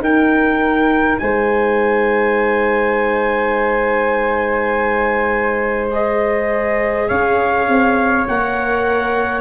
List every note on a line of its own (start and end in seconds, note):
0.00 1.18 D#4
0.00 5.90 D#4
0.00 1.20 A#4
0.00 1.18 G5
1.18 7.10 G#3
1.18 7.08 C5
1.18 5.89 G#5
5.91 8.26 G#4
5.91 7.09 D#5
7.08 7.68 C#4
7.08 9.41 C#5
7.08 8.26 F5
7.68 8.27 C4
8.28 9.41 A#3
8.28 9.41 A#4
8.28 9.41 F#5